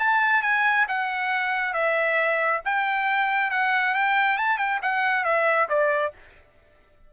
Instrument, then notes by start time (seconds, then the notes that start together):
trumpet
0.00 A5
0.43 G#5
0.89 F#5
1.74 E5
2.65 G5
3.51 F#5
3.95 G5
4.38 A5
4.58 G5
4.83 F#5
5.25 E5
5.69 D5